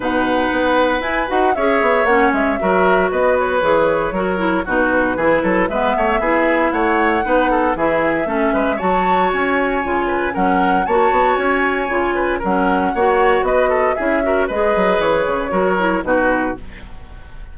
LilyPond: <<
  \new Staff \with { instrumentName = "flute" } { \time 4/4 \tempo 4 = 116 fis''2 gis''8 fis''8 e''4 | fis''8 e''4. dis''8 cis''4.~ | cis''4 b'2 e''4~ | e''4 fis''2 e''4~ |
e''4 a''4 gis''2 | fis''4 a''4 gis''2 | fis''2 dis''4 e''4 | dis''4 cis''2 b'4 | }
  \new Staff \with { instrumentName = "oboe" } { \time 4/4 b'2. cis''4~ | cis''4 ais'4 b'2 | ais'4 fis'4 gis'8 a'8 b'8 cis''8 | gis'4 cis''4 b'8 a'8 gis'4 |
a'8 b'8 cis''2~ cis''8 b'8 | ais'4 cis''2~ cis''8 b'8 | ais'4 cis''4 b'8 a'8 gis'8 ais'8 | b'2 ais'4 fis'4 | }
  \new Staff \with { instrumentName = "clarinet" } { \time 4/4 dis'2 e'8 fis'8 gis'4 | cis'4 fis'2 gis'4 | fis'8 e'8 dis'4 e'4 b4 | e'2 dis'4 e'4 |
cis'4 fis'2 f'4 | cis'4 fis'2 f'4 | cis'4 fis'2 e'8 fis'8 | gis'2 fis'8 e'8 dis'4 | }
  \new Staff \with { instrumentName = "bassoon" } { \time 4/4 b,4 b4 e'8 dis'8 cis'8 b8 | ais8 gis8 fis4 b4 e4 | fis4 b,4 e8 fis8 gis8 a8 | b4 a4 b4 e4 |
a8 gis8 fis4 cis'4 cis4 | fis4 ais8 b8 cis'4 cis4 | fis4 ais4 b4 cis'4 | gis8 fis8 e8 cis8 fis4 b,4 | }
>>